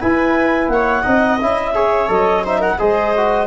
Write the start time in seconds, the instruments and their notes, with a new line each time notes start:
0.00 trombone E4, tuba E4, viola B4, clarinet G#5
0.68 tuba A#3, viola C#5, clarinet F#5
1.02 tuba C4, trombone D#4, viola D#5
1.41 tuba C#4, trombone E4, clarinet E5
1.74 trombone G#4, viola C#5
2.08 tuba F#3, trombone A4, clarinet D#5
2.44 trombone D#4, viola C5, clarinet E5
2.59 viola A#4, clarinet F#5
2.79 tuba G#3, trombone G#4, viola C5, clarinet D#5
3.17 trombone F#4